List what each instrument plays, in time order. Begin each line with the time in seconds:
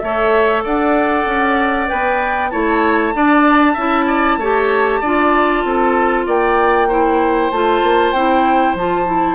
0.00 bassoon A3, clarinet A4, oboe C#5, flute E5
0.64 bassoon D4, oboe D5, flute F#5
1.26 bassoon C#4
1.88 bassoon B3, clarinet B4, flute G5
2.51 bassoon A3, clarinet E4, oboe C#5, flute A5
3.14 bassoon D4, clarinet D4, oboe D5
3.74 bassoon C#4, clarinet E4, oboe E5
4.07 oboe D5
4.38 bassoon A3, clarinet G4, oboe C#5
5.01 bassoon D4, clarinet F4, oboe D5
5.64 bassoon C4, oboe A4
6.26 bassoon A#3, oboe D5, flute G5
6.89 clarinet E4, oboe C5
7.51 bassoon A3, clarinet F4, flute A5
7.83 bassoon A#3
8.13 bassoon C4, clarinet E4, flute G5
8.75 bassoon F3, clarinet F4, flute A5
9.06 clarinet E4